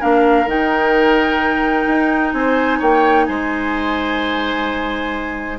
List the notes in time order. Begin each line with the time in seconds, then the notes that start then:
0.00 A#3 D4 A#4 F5
0.47 D#3 D#4 G5
1.88 D#4
2.34 C4 C5 G#5
2.79 A#3 C#5 G5
3.26 G#3 C5 G#5